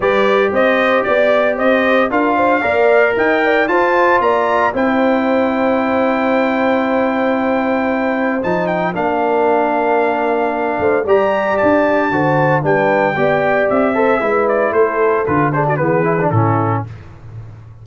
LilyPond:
<<
  \new Staff \with { instrumentName = "trumpet" } { \time 4/4 \tempo 4 = 114 d''4 dis''4 d''4 dis''4 | f''2 g''4 a''4 | ais''4 g''2.~ | g''1 |
a''8 g''8 f''2.~ | f''4 ais''4 a''2 | g''2 e''4. d''8 | c''4 b'8 c''16 d''16 b'4 a'4 | }
  \new Staff \with { instrumentName = "horn" } { \time 4/4 b'4 c''4 d''4 c''4 | ais'8 c''8 d''4 dis''8 d''8 c''4 | d''4 c''2.~ | c''1~ |
c''4 ais'2.~ | ais'8 c''8 d''2 c''4 | b'4 d''4. c''8 b'4 | a'4. gis'16 fis'16 gis'4 e'4 | }
  \new Staff \with { instrumentName = "trombone" } { \time 4/4 g'1 | f'4 ais'2 f'4~ | f'4 e'2.~ | e'1 |
dis'4 d'2.~ | d'4 g'2 fis'4 | d'4 g'4. a'8 e'4~ | e'4 f'8 d'8 b8 e'16 d'16 cis'4 | }
  \new Staff \with { instrumentName = "tuba" } { \time 4/4 g4 c'4 b4 c'4 | d'4 ais4 dis'4 f'4 | ais4 c'2.~ | c'1 |
f4 ais2.~ | ais8 a8 g4 d'4 d4 | g4 b4 c'4 gis4 | a4 d4 e4 a,4 | }
>>